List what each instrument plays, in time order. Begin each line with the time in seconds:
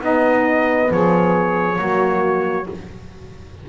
0.00 horn B3, double bass B3, saxophone D#4, trumpet D#5
0.90 double bass F3, saxophone G#4, trumpet C#5
1.76 double bass F#3, horn A#3, saxophone F#4